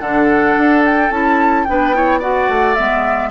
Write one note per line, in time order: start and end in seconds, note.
0.00 0.55 D3
0.00 1.12 D4
0.00 1.67 A4
0.00 0.83 F#5
0.57 1.11 D4
0.86 1.11 G5
1.11 1.66 C#4
1.11 1.67 E4
1.11 1.65 A5
1.65 2.49 B3
1.65 1.94 D4
1.65 1.96 B4
1.65 2.20 G5
1.94 2.21 E4
1.94 2.20 C#5
2.20 2.76 F#4
2.20 3.30 D5
2.20 2.75 F#5
2.49 2.76 A3
2.75 3.31 G#3
2.75 3.31 B3
2.75 3.30 E5